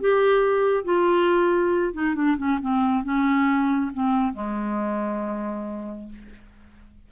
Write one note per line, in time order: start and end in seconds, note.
0.00 0.84 G4
0.84 1.93 F4
1.93 2.15 D#4
2.15 2.37 D4
2.37 2.59 C#4
2.62 3.04 C4
3.04 3.91 C#4
3.93 4.33 C4
4.33 6.09 G#3